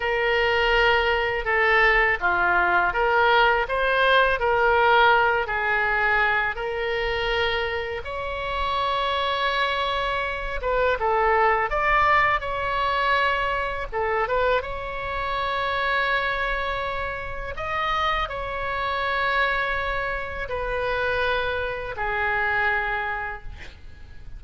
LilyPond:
\new Staff \with { instrumentName = "oboe" } { \time 4/4 \tempo 4 = 82 ais'2 a'4 f'4 | ais'4 c''4 ais'4. gis'8~ | gis'4 ais'2 cis''4~ | cis''2~ cis''8 b'8 a'4 |
d''4 cis''2 a'8 b'8 | cis''1 | dis''4 cis''2. | b'2 gis'2 | }